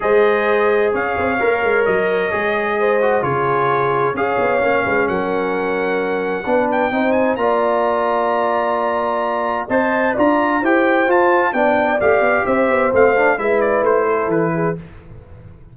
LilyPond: <<
  \new Staff \with { instrumentName = "trumpet" } { \time 4/4 \tempo 4 = 130 dis''2 f''2 | dis''2. cis''4~ | cis''4 f''2 fis''4~ | fis''2~ fis''8 g''4 gis''8 |
ais''1~ | ais''4 a''4 ais''4 g''4 | a''4 g''4 f''4 e''4 | f''4 e''8 d''8 c''4 b'4 | }
  \new Staff \with { instrumentName = "horn" } { \time 4/4 c''2 cis''2~ | cis''2 c''4 gis'4~ | gis'4 cis''4. b'8 ais'4~ | ais'2 b'4 c''4 |
d''1~ | d''4 dis''4 d''4 c''4~ | c''4 d''2 c''4~ | c''4 b'4. a'4 gis'8 | }
  \new Staff \with { instrumentName = "trombone" } { \time 4/4 gis'2. ais'4~ | ais'4 gis'4. fis'8 f'4~ | f'4 gis'4 cis'2~ | cis'2 d'4 dis'4 |
f'1~ | f'4 c''4 f'4 g'4 | f'4 d'4 g'2 | c'8 d'8 e'2. | }
  \new Staff \with { instrumentName = "tuba" } { \time 4/4 gis2 cis'8 c'8 ais8 gis8 | fis4 gis2 cis4~ | cis4 cis'8 b8 ais8 gis8 fis4~ | fis2 b4 c'4 |
ais1~ | ais4 c'4 d'4 e'4 | f'4 b4 a8 b8 c'8 b8 | a4 gis4 a4 e4 | }
>>